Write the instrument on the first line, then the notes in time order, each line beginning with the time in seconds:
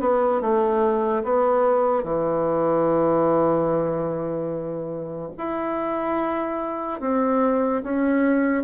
bassoon
0.00 B3
0.41 A3
1.24 B3
2.03 E3
5.37 E4
7.00 C4
7.83 C#4